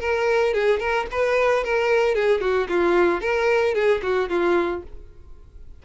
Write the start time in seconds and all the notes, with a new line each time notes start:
0.00 A#4
0.53 G#4
0.80 A#4
1.11 B4
1.64 A#4
2.15 G#4
2.41 F#4
2.69 F4
3.21 A#4
3.75 G#4
4.02 F#4
4.29 F4